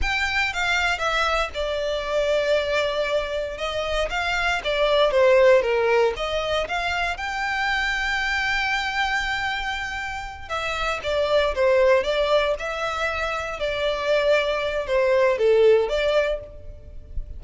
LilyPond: \new Staff \with { instrumentName = "violin" } { \time 4/4 \tempo 4 = 117 g''4 f''4 e''4 d''4~ | d''2. dis''4 | f''4 d''4 c''4 ais'4 | dis''4 f''4 g''2~ |
g''1~ | g''8 e''4 d''4 c''4 d''8~ | d''8 e''2 d''4.~ | d''4 c''4 a'4 d''4 | }